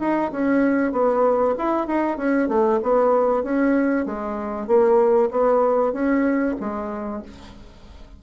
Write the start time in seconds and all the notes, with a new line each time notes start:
0.00 D#4
0.32 C#4
0.92 B3
1.58 E4
1.87 D#4
2.18 C#4
2.49 A3
2.83 B3
3.44 C#4
4.06 G#3
4.67 A#3
5.31 B3
5.93 C#4
6.60 G#3